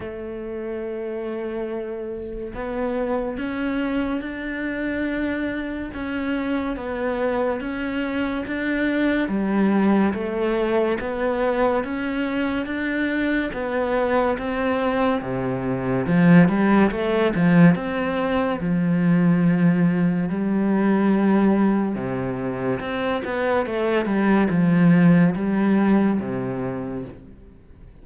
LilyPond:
\new Staff \with { instrumentName = "cello" } { \time 4/4 \tempo 4 = 71 a2. b4 | cis'4 d'2 cis'4 | b4 cis'4 d'4 g4 | a4 b4 cis'4 d'4 |
b4 c'4 c4 f8 g8 | a8 f8 c'4 f2 | g2 c4 c'8 b8 | a8 g8 f4 g4 c4 | }